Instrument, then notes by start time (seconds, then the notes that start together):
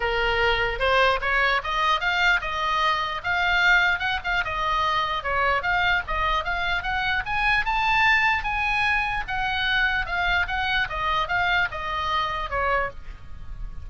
oboe
0.00 A#4
0.79 C5
1.21 C#5
1.63 D#5
2.00 F5
2.41 D#5
3.23 F5
3.99 F#5
4.24 F5
4.44 D#5
5.23 C#5
5.62 F5
6.07 D#5
6.44 F5
6.83 F#5
7.25 G#5
7.65 A5
8.43 G#5
9.27 F#5
10.06 F5
10.47 F#5
10.89 D#5
11.28 F5
11.71 D#5
12.49 C#5